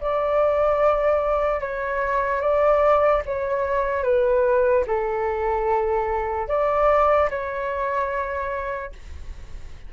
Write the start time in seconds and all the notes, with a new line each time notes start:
0.00 D5
1.60 C#5
2.41 D5
3.25 C#5
4.03 B4
4.86 A4
6.48 D5
7.30 C#5